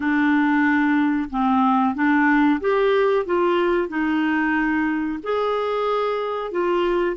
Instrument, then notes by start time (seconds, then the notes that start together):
clarinet
0.00 D4
1.30 C4
1.94 D4
2.60 G4
3.25 F4
3.88 D#4
5.23 G#4
6.51 F4